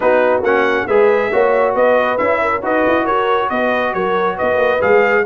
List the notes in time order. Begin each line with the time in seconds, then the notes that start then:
0.00 B3 D#4 F#4 B4
0.42 A#3 C#4 F#5
0.86 G#3 G#4 B4 E5
1.32 A#3 F#4 C#5
1.74 B3 B4 D#5
2.17 C#4 E4 E5
2.41 A#4
2.62 D#4 F#4 B4 D#5
2.86 E4
3.04 F#4 A#4 C#5
3.49 B3 B4 D#5
3.93 F#3 A#4 C#5
4.35 B3 B4 D#5
4.57 A#3
4.80 G#3 G#4 F5